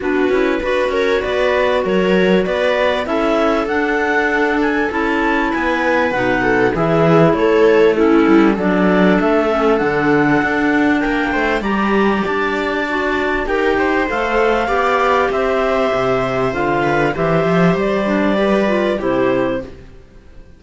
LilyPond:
<<
  \new Staff \with { instrumentName = "clarinet" } { \time 4/4 \tempo 4 = 98 b'4. cis''8 d''4 cis''4 | d''4 e''4 fis''4. gis''8 | a''4 gis''4 fis''4 e''4 | cis''4 a'4 d''4 e''4 |
fis''2 g''4 ais''4 | a''2 g''4 f''4~ | f''4 e''2 f''4 | e''4 d''2 c''4 | }
  \new Staff \with { instrumentName = "viola" } { \time 4/4 fis'4 b'8 ais'8 b'4 ais'4 | b'4 a'2.~ | a'4 b'4. a'8 gis'4 | a'4 e'4 a'2~ |
a'2 ais'8 c''8 d''4~ | d''2 ais'8 c''4. | d''4 c''2~ c''8 b'8 | c''2 b'4 g'4 | }
  \new Staff \with { instrumentName = "clarinet" } { \time 4/4 d'8 e'8 fis'2.~ | fis'4 e'4 d'2 | e'2 dis'4 e'4~ | e'4 cis'4 d'4. cis'8 |
d'2. g'4~ | g'4 fis'4 g'4 a'4 | g'2. f'4 | g'4. d'8 g'8 f'8 e'4 | }
  \new Staff \with { instrumentName = "cello" } { \time 4/4 b8 cis'8 d'8 cis'8 b4 fis4 | b4 cis'4 d'2 | cis'4 b4 b,4 e4 | a4. g8 fis4 a4 |
d4 d'4 ais8 a8 g4 | d'2 dis'4 a4 | b4 c'4 c4 d4 | e8 f8 g2 c4 | }
>>